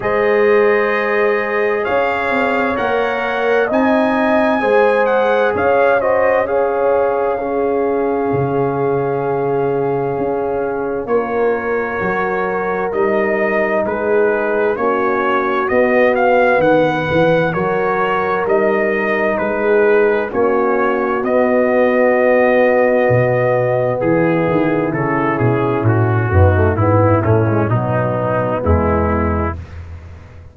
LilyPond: <<
  \new Staff \with { instrumentName = "trumpet" } { \time 4/4 \tempo 4 = 65 dis''2 f''4 fis''4 | gis''4. fis''8 f''8 dis''8 f''4~ | f''1 | cis''2 dis''4 b'4 |
cis''4 dis''8 f''8 fis''4 cis''4 | dis''4 b'4 cis''4 dis''4~ | dis''2 gis'4 a'8 gis'8 | fis'4 e'8 cis'8 dis'4 e'4 | }
  \new Staff \with { instrumentName = "horn" } { \time 4/4 c''2 cis''2 | dis''4 c''4 cis''8 c''8 cis''4 | gis'1 | ais'2. gis'4 |
fis'2 b'4 ais'4~ | ais'4 gis'4 fis'2~ | fis'2 e'2~ | e'8 dis'8 e'4 b2 | }
  \new Staff \with { instrumentName = "trombone" } { \time 4/4 gis'2. ais'4 | dis'4 gis'4. fis'8 gis'4 | cis'1 | f'4 fis'4 dis'2 |
cis'4 b2 fis'4 | dis'2 cis'4 b4~ | b2. cis'4~ | cis'8 b16 a16 b8 a16 gis16 fis4 gis4 | }
  \new Staff \with { instrumentName = "tuba" } { \time 4/4 gis2 cis'8 c'8 ais4 | c'4 gis4 cis'2~ | cis'4 cis2 cis'4 | ais4 fis4 g4 gis4 |
ais4 b4 dis8 e8 fis4 | g4 gis4 ais4 b4~ | b4 b,4 e8 dis8 cis8 b,8 | a,8 fis,8 gis,8 a,8 b,4 e,4 | }
>>